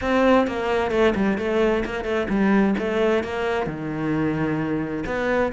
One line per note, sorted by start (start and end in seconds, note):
0.01 0.47 C4
0.47 0.91 A#3
0.91 1.14 A3
1.15 1.38 G3
1.38 1.83 A3
1.85 2.04 A#3
2.04 2.27 A3
2.29 2.74 G3
2.78 3.23 A3
3.23 3.66 A#3
3.66 5.04 D#3
5.06 5.52 B3